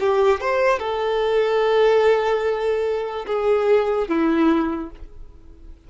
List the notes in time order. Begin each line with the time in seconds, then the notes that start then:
0.00 G4
0.41 C5
0.79 A4
3.27 G#4
4.08 E4